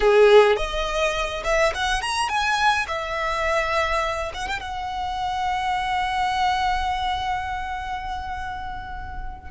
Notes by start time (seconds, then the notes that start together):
0.00 G#4
0.56 D#5
1.43 E5
1.74 F#5
2.01 A#5
2.28 G#5
2.87 E5
4.33 F#5
4.47 G5
4.60 F#5